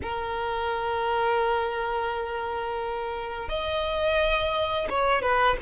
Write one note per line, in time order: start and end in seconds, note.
0.02 3.48 A#4
3.48 4.88 D#5
4.89 5.21 C#5
5.21 5.57 B4